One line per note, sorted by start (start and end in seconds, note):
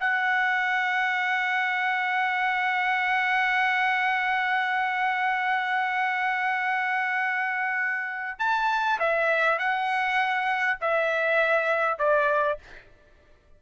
0.00 8.39 F#5
8.39 8.99 A5
9.00 9.59 E5
9.59 10.79 F#5
10.81 11.99 E5
11.99 12.59 D5